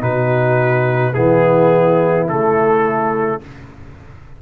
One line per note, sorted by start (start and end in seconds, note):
0.00 1.15 B2
0.00 1.13 D#4
0.00 1.13 F#4
0.00 1.13 B4
1.13 2.29 E3
1.13 2.28 B3
1.13 3.40 E4
1.13 2.27 G#4
2.28 3.42 C#3
2.28 3.41 A3
2.28 3.42 A4